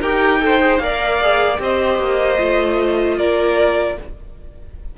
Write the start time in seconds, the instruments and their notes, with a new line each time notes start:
0.00 cello D#4, viola G4, violin A#4 G5
0.41 viola A4, violin C5
0.60 viola G#4
0.78 cello A#3, viola A#4, violin D5 F5
1.21 viola G#4
1.58 cello C4, viola G4, violin C5 D#5
1.99 cello A#3
2.38 cello A3, viola F4
3.18 cello A#3, violin A#4 D5